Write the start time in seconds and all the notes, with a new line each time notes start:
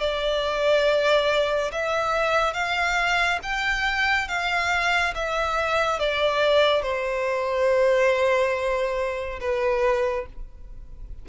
0.00 D5
1.72 E5
2.54 F5
3.43 G5
4.28 F5
5.15 E5
6.00 D5
6.83 C5
9.41 B4